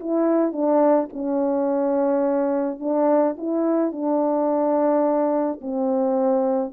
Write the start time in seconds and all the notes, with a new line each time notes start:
0.00 E4
0.52 D4
1.12 C#4
2.80 D4
3.37 E4
3.92 D4
5.61 C4